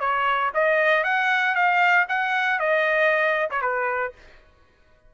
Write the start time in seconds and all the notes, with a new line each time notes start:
0.00 C#5
0.54 D#5
1.04 F#5
1.55 F5
2.09 F#5
2.59 D#5
3.51 C#5
3.62 B4